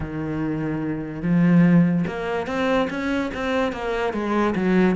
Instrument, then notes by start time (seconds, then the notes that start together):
cello
0.00 D#3
1.22 F3
2.07 A#3
2.46 C4
2.89 C#4
3.33 C4
3.72 A#3
4.13 G#3
4.55 F#3